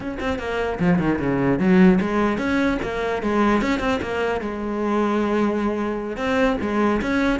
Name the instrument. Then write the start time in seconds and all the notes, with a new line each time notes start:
cello
0.00 C#4
0.19 C4
0.38 A#3
0.79 F3
0.98 D#3
1.19 C#3
1.59 F#3
2.00 G#3
2.38 C#4
2.82 A#3
3.22 G#3
3.61 C#4
3.79 C4
4.01 A#3
4.41 G#3
6.17 C4
6.61 G#3
7.01 C#4